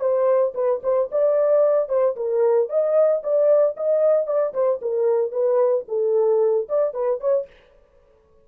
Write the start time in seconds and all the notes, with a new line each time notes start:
0.00 C5
0.55 B4
0.83 C5
1.12 D5
1.89 C5
2.16 A#4
2.69 D#5
3.23 D5
3.77 D#5
4.27 D5
4.53 C5
4.81 A#4
5.32 B4
5.88 A4
6.69 D5
6.94 B4
7.20 C#5